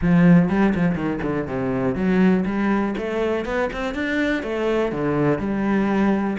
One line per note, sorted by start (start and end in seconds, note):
0.01 0.49 F3
0.49 0.73 G3
0.74 0.95 F3
0.95 1.19 D#3
1.22 1.47 D3
1.47 1.95 C3
1.95 2.44 F#3
2.45 2.95 G3
2.97 3.45 A3
3.45 3.69 B3
3.72 3.94 C4
3.94 4.42 D4
4.42 4.92 A3
4.92 5.38 D3
5.38 6.37 G3